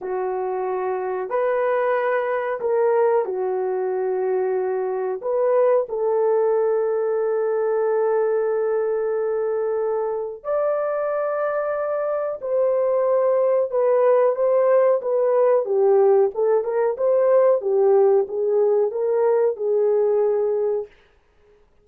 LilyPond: \new Staff \with { instrumentName = "horn" } { \time 4/4 \tempo 4 = 92 fis'2 b'2 | ais'4 fis'2. | b'4 a'2.~ | a'1 |
d''2. c''4~ | c''4 b'4 c''4 b'4 | g'4 a'8 ais'8 c''4 g'4 | gis'4 ais'4 gis'2 | }